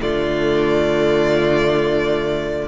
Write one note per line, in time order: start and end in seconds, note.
0.00 2.68 D3
0.00 2.68 A3
0.00 2.68 F4
0.00 2.68 D5